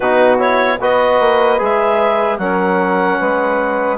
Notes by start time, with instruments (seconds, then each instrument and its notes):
0.00 bassoon B2, trombone D#4, saxophone F#4, clarinet B4
0.39 trombone E4, clarinet C#5
0.79 bassoon B3, trombone F#4, saxophone B4, clarinet D#5
1.20 bassoon A#3
1.58 bassoon G#3, trombone G#4, clarinet E5
2.38 bassoon F#3, trombone C#4, saxophone A#4, clarinet F#5
3.18 bassoon G#3, saxophone B4